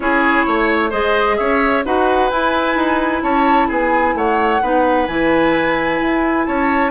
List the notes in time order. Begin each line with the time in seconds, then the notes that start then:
0.00 C#4 E4 G#4 C#5
0.46 A3 C#5
0.90 G#3 G#4 C5 D#5
1.37 C#4 C#5 E5
1.85 D#4 F#4 B4 F#5
2.30 E4 G#5
2.75 D#4
3.22 C#4 C#5 A5
3.67 B3 G#4 G#5
4.14 A3 C#5 F#5
4.62 B3 D#4 B4
5.07 E3 E4 G#5
6.01 E4
6.45 C#4 C#5 A5